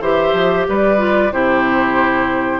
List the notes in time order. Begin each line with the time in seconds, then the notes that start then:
0.00 E3 G4 C5 E5
0.32 F3
0.68 G3 B4 D5
0.97 F4
1.32 C3 E4 G4 C5